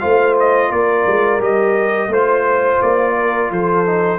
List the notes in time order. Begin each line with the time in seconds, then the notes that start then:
0.00 A3 F4 C5 F5
0.40 D#5
0.70 A#3 A#4 D5
1.07 G#3
1.40 G3 G4 D#5
2.08 A3 F4 C5
2.82 A#3 D5
3.16 A#4
3.51 F3 A4 C5
3.86 D#4